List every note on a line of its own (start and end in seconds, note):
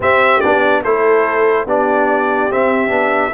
0.00 0.41 C4
0.00 0.42 C4
0.00 0.83 G4
0.00 0.40 E5
0.40 0.84 B3
0.40 0.84 D4
0.40 0.82 D5
0.84 1.66 A3
0.84 1.67 E4
0.84 1.66 A4
0.84 1.67 C5
1.66 2.49 B3
1.66 2.50 D4
1.66 3.33 G4
1.66 2.52 D5
2.50 2.89 C4
2.50 3.33 E5
2.89 3.31 B3
2.89 3.30 D4